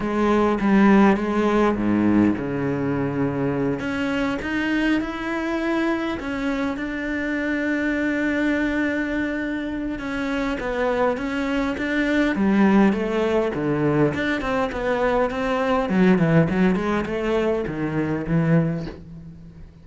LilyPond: \new Staff \with { instrumentName = "cello" } { \time 4/4 \tempo 4 = 102 gis4 g4 gis4 gis,4 | cis2~ cis8 cis'4 dis'8~ | dis'8 e'2 cis'4 d'8~ | d'1~ |
d'4 cis'4 b4 cis'4 | d'4 g4 a4 d4 | d'8 c'8 b4 c'4 fis8 e8 | fis8 gis8 a4 dis4 e4 | }